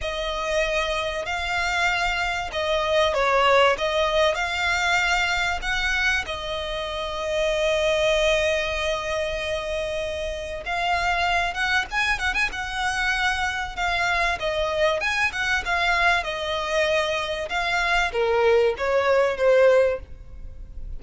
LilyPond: \new Staff \with { instrumentName = "violin" } { \time 4/4 \tempo 4 = 96 dis''2 f''2 | dis''4 cis''4 dis''4 f''4~ | f''4 fis''4 dis''2~ | dis''1~ |
dis''4 f''4. fis''8 gis''8 fis''16 gis''16 | fis''2 f''4 dis''4 | gis''8 fis''8 f''4 dis''2 | f''4 ais'4 cis''4 c''4 | }